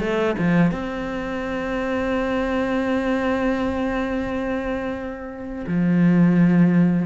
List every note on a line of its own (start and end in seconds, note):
0.00 0.35 A3
0.38 0.71 F3
0.71 5.65 C4
5.67 7.06 F3